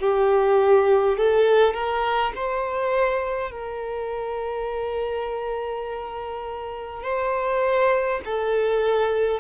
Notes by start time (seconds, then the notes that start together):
0.00 G4
1.18 A4
1.74 A#4
2.36 C5
3.52 A#4
7.03 C5
8.26 A4